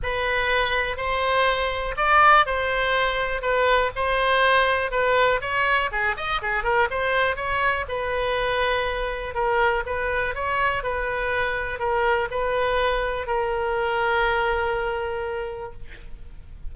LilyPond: \new Staff \with { instrumentName = "oboe" } { \time 4/4 \tempo 4 = 122 b'2 c''2 | d''4 c''2 b'4 | c''2 b'4 cis''4 | gis'8 dis''8 gis'8 ais'8 c''4 cis''4 |
b'2. ais'4 | b'4 cis''4 b'2 | ais'4 b'2 ais'4~ | ais'1 | }